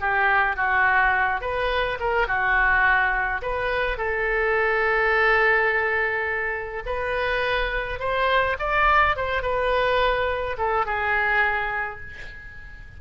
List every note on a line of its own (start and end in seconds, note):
0.00 0.56 G4
0.56 1.41 F#4
1.41 1.98 B4
2.00 2.27 A#4
2.27 3.41 F#4
3.42 3.97 B4
3.97 6.83 A4
6.85 7.99 B4
7.99 8.56 C5
8.59 9.16 D5
9.16 9.42 C5
9.42 10.56 B4
10.58 10.85 A4
10.85 12.00 G#4